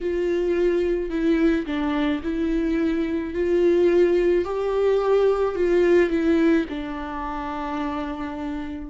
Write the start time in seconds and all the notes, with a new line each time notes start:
0.01 F4
1.10 E4
1.66 D4
2.23 E4
3.34 F4
4.44 G4
5.55 F4
6.10 E4
6.69 D4